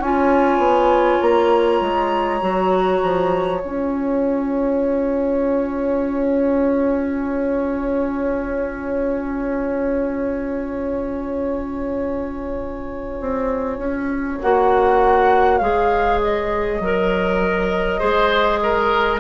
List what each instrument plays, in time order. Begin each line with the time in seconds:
0.00 bassoon C#4, clarinet F4, oboe C#5, flute G#5
0.58 bassoon B3
1.22 bassoon A#3, flute A#5
1.81 bassoon G#3
2.41 bassoon F#3, clarinet F#4
3.03 bassoon F3
3.61 bassoon C#4, clarinet F4, flute G#5
13.21 bassoon C4
13.79 bassoon C#4
14.41 bassoon A#3, clarinet F#4, flute F#5
15.59 bassoon G#3, clarinet G#4, flute F5
16.24 flute D#5
16.80 bassoon F#3, clarinet A#4
17.99 bassoon G#3, clarinet G#4, oboe C5
18.63 oboe A#4